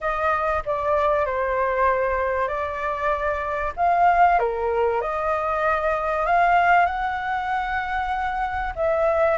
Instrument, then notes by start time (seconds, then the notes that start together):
flute
0.00 D#5
0.65 D5
1.25 C5
2.47 D5
3.76 F5
4.39 A#4
5.01 D#5
6.26 F5
6.86 F#5
8.75 E5